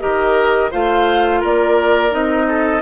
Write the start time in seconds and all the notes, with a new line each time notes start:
0.00 D#3 G4 A#4 D#5
0.71 A3 F4 C5 F5
1.40 A#3 A#4 D5
2.10 C4 D#4 D#5
2.48 A4